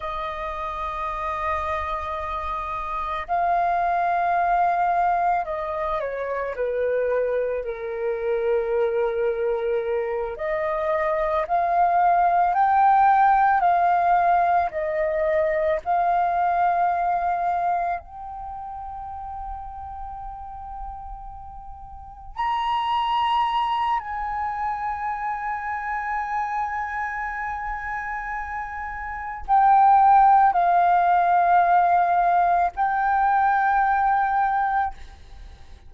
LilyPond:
\new Staff \with { instrumentName = "flute" } { \time 4/4 \tempo 4 = 55 dis''2. f''4~ | f''4 dis''8 cis''8 b'4 ais'4~ | ais'4. dis''4 f''4 g''8~ | g''8 f''4 dis''4 f''4.~ |
f''8 g''2.~ g''8~ | g''8 ais''4. gis''2~ | gis''2. g''4 | f''2 g''2 | }